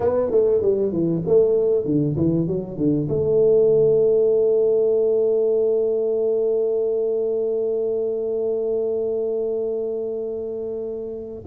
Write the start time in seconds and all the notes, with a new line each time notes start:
0.00 B3
0.30 A3
0.61 G3
0.92 E3
1.26 A3
1.85 D3
2.16 E3
2.47 F#3
2.77 D3
3.08 A3